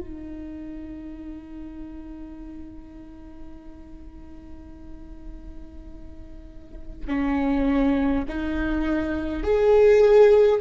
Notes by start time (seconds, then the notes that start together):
0.00 D#4
7.07 C#4
8.28 D#4
9.43 G#4